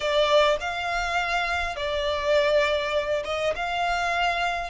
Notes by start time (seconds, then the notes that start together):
0.00 D5
0.60 F5
1.76 D5
3.24 D#5
3.55 F5